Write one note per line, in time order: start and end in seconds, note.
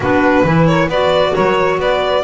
0.00 0.41 B3
0.00 0.46 D4
0.00 0.44 F#4
0.00 0.66 B4
0.43 0.87 E3
0.43 0.90 E4
0.43 0.67 B4
0.66 0.88 A#4
0.66 0.88 C#5
0.87 1.32 B3
0.87 2.23 F#4
0.87 1.32 B4
0.87 1.34 D5
1.34 1.78 F#3
1.34 1.78 A#4
1.34 1.79 C#5
1.78 2.23 B3
1.78 2.23 B4
1.78 2.23 D5